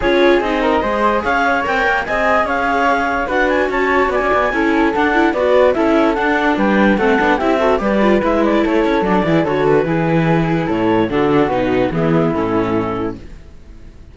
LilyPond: <<
  \new Staff \with { instrumentName = "clarinet" } { \time 4/4 \tempo 4 = 146 cis''4 dis''2 f''4 | g''4 gis''4 f''2 | fis''8 gis''8 a''4 gis''2 | fis''4 d''4 e''4 fis''4 |
g''4 fis''4 e''4 d''4 | e''8 d''8 cis''4 d''4 cis''8 b'8~ | b'2 cis''4 a'4 | b'4 gis'4 a'2 | }
  \new Staff \with { instrumentName = "flute" } { \time 4/4 gis'4. ais'8 c''4 cis''4~ | cis''4 dis''4 cis''2 | b'4 cis''4 d''4 a'4~ | a'4 b'4 a'2 |
b'4 a'4 g'8 a'8 b'4~ | b'4 a'4. gis'8 a'4 | gis'2 a'4 fis'4~ | fis'4 e'2. | }
  \new Staff \with { instrumentName = "viola" } { \time 4/4 f'4 dis'4 gis'2 | ais'4 gis'2. | fis'2. e'4 | d'8 e'8 fis'4 e'4 d'4~ |
d'4 c'8 d'8 e'8 fis'8 g'8 f'8 | e'2 d'8 e'8 fis'4 | e'2. d'4 | dis'4 b4 cis'2 | }
  \new Staff \with { instrumentName = "cello" } { \time 4/4 cis'4 c'4 gis4 cis'4 | c'8 ais8 c'4 cis'2 | d'4 cis'4 b16 cis'16 b8 cis'4 | d'4 b4 cis'4 d'4 |
g4 a8 b8 c'4 g4 | gis4 a8 cis'8 fis8 e8 d4 | e2 a,4 d4 | b,4 e4 a,2 | }
>>